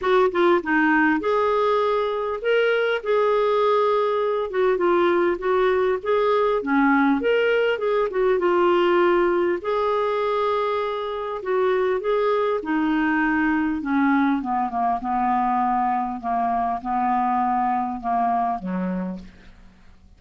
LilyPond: \new Staff \with { instrumentName = "clarinet" } { \time 4/4 \tempo 4 = 100 fis'8 f'8 dis'4 gis'2 | ais'4 gis'2~ gis'8 fis'8 | f'4 fis'4 gis'4 cis'4 | ais'4 gis'8 fis'8 f'2 |
gis'2. fis'4 | gis'4 dis'2 cis'4 | b8 ais8 b2 ais4 | b2 ais4 fis4 | }